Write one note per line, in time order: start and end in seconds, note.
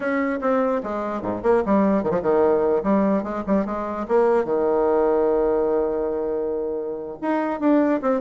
0.00 0.39 C#4
0.41 0.81 C4
0.83 1.22 G#3
1.22 1.42 G#2
1.42 1.63 A#3
1.65 2.03 G3
2.03 2.10 D#3
2.10 2.20 F3
2.22 2.82 D#3
2.83 3.23 G3
3.23 3.43 G#3
3.46 3.65 G3
3.65 4.06 G#3
4.08 4.44 A#3
4.44 7.18 D#3
7.21 7.60 D#4
7.60 8.00 D4
8.01 8.20 C4